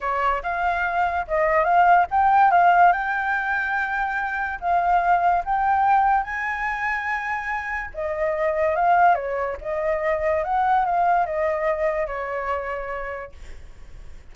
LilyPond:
\new Staff \with { instrumentName = "flute" } { \time 4/4 \tempo 4 = 144 cis''4 f''2 dis''4 | f''4 g''4 f''4 g''4~ | g''2. f''4~ | f''4 g''2 gis''4~ |
gis''2. dis''4~ | dis''4 f''4 cis''4 dis''4~ | dis''4 fis''4 f''4 dis''4~ | dis''4 cis''2. | }